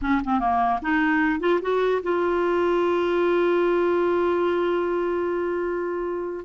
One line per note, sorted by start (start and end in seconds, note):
0.01 0.21 C#4
0.24 0.39 C4
0.39 0.79 A#3
0.82 1.39 D#4
1.39 1.60 F4
1.61 2.02 F#4
2.02 6.45 F4